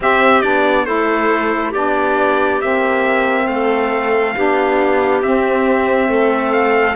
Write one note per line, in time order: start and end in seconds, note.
0.00 0.42 C4
0.00 0.85 G4
0.00 0.41 E5
0.41 0.87 B3
0.41 0.86 D4
0.41 0.85 D5
0.85 1.74 A3
0.85 1.72 E4
0.85 1.70 A4
0.85 1.72 C5
1.70 2.61 B3
1.70 2.60 D4
1.70 3.44 G4
1.70 2.61 D5
2.61 3.47 A#3
2.61 4.35 C4
2.61 3.47 E5
3.47 4.34 A3
3.47 4.36 A4
3.47 5.21 F5
4.35 5.22 B3
4.35 5.22 D4
4.35 6.09 G4
5.22 6.08 C4
5.22 6.95 C4
5.22 6.52 E5
6.08 6.95 A3
6.08 6.95 A4
6.52 6.95 F5